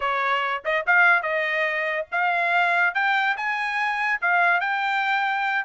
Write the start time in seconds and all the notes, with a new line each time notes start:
0.00 C#5
0.64 D#5
0.86 F5
1.22 D#5
2.11 F5
2.94 G5
3.36 G#5
4.21 F5
4.60 G5